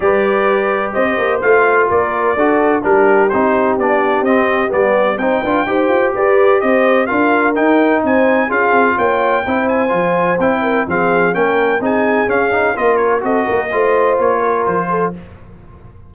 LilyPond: <<
  \new Staff \with { instrumentName = "trumpet" } { \time 4/4 \tempo 4 = 127 d''2 dis''4 f''4 | d''2 ais'4 c''4 | d''4 dis''4 d''4 g''4~ | g''4 d''4 dis''4 f''4 |
g''4 gis''4 f''4 g''4~ | g''8 gis''4. g''4 f''4 | g''4 gis''4 f''4 dis''8 cis''8 | dis''2 cis''4 c''4 | }
  \new Staff \with { instrumentName = "horn" } { \time 4/4 b'2 c''2 | ais'4 a'4 g'2~ | g'2. c''8 b'8 | c''4 b'4 c''4 ais'4~ |
ais'4 c''4 gis'4 cis''4 | c''2~ c''8 ais'8 gis'4 | ais'4 gis'2 ais'4 | a'8 ais'8 c''4. ais'4 a'8 | }
  \new Staff \with { instrumentName = "trombone" } { \time 4/4 g'2. f'4~ | f'4 fis'4 d'4 dis'4 | d'4 c'4 b4 dis'8 f'8 | g'2. f'4 |
dis'2 f'2 | e'4 f'4 e'4 c'4 | cis'4 dis'4 cis'8 dis'8 f'4 | fis'4 f'2. | }
  \new Staff \with { instrumentName = "tuba" } { \time 4/4 g2 c'8 ais8 a4 | ais4 d'4 g4 c'4 | b4 c'4 g4 c'8 d'8 | dis'8 f'8 g'4 c'4 d'4 |
dis'4 c'4 cis'8 c'8 ais4 | c'4 f4 c'4 f4 | ais4 c'4 cis'4 ais4 | c'8 ais8 a4 ais4 f4 | }
>>